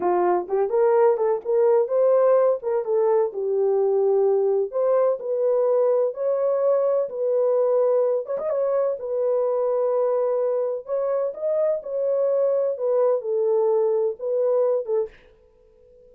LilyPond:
\new Staff \with { instrumentName = "horn" } { \time 4/4 \tempo 4 = 127 f'4 g'8 ais'4 a'8 ais'4 | c''4. ais'8 a'4 g'4~ | g'2 c''4 b'4~ | b'4 cis''2 b'4~ |
b'4. cis''16 dis''16 cis''4 b'4~ | b'2. cis''4 | dis''4 cis''2 b'4 | a'2 b'4. a'8 | }